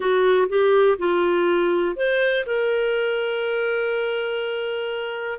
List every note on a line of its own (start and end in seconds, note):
0.00 0.47 F#4
0.48 0.97 G4
0.98 1.95 F4
1.95 2.45 C5
2.46 5.39 A#4